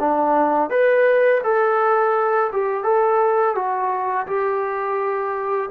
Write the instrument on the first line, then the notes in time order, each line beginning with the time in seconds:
trombone
0.00 D4
0.70 B4
1.44 A4
2.53 G4
2.84 A4
3.56 F#4
4.27 G4